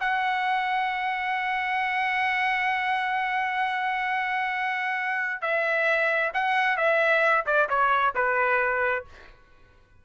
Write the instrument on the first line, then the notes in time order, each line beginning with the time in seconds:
trumpet
0.00 F#5
5.41 E5
6.34 F#5
6.77 E5
7.46 D5
7.69 C#5
8.15 B4